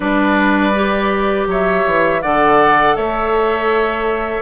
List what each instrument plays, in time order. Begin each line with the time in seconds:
0.00 bassoon G3, clarinet D4, oboe B4, flute D5
0.74 clarinet G4
1.46 bassoon F#3, oboe C#5, flute E5
1.86 bassoon E3
2.21 bassoon D3, clarinet A4, oboe D5, flute F#5
2.96 bassoon A3, oboe C#5, flute E5